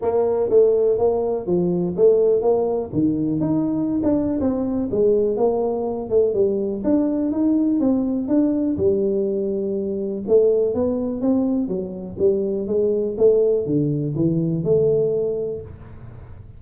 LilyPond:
\new Staff \with { instrumentName = "tuba" } { \time 4/4 \tempo 4 = 123 ais4 a4 ais4 f4 | a4 ais4 dis4 dis'4~ | dis'16 d'8. c'4 gis4 ais4~ | ais8 a8 g4 d'4 dis'4 |
c'4 d'4 g2~ | g4 a4 b4 c'4 | fis4 g4 gis4 a4 | d4 e4 a2 | }